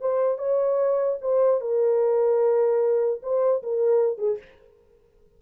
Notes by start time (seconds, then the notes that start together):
0.00 C5
0.38 C#5
1.21 C5
1.60 A#4
3.22 C5
3.62 A#4
4.18 G#4